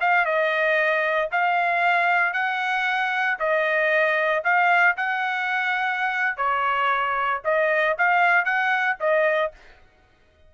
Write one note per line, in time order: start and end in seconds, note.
0.00 0.25 F5
0.25 1.29 D#5
1.31 2.33 F5
2.33 3.37 F#5
3.39 4.43 D#5
4.44 4.96 F5
4.96 6.37 F#5
6.37 7.41 C#5
7.44 7.97 D#5
7.98 8.45 F5
8.45 8.97 F#5
9.00 9.52 D#5